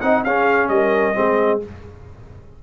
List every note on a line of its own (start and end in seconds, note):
0.00 0.23 C4
0.00 0.25 D#4
0.00 0.23 D#5
0.00 0.23 F#5
0.23 0.69 C#4
0.23 1.14 C#4
0.23 0.70 G#4
0.23 0.68 F5
0.68 1.14 G3
0.68 1.17 A#4
0.68 1.60 D#5
1.14 1.63 G#3
1.14 1.59 C4
1.14 1.63 G#4